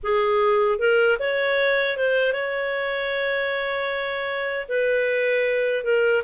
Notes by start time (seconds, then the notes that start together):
0.03 G#4
0.78 A#4
1.19 C#5
1.97 C5
2.32 C#5
4.68 B4
5.84 A#4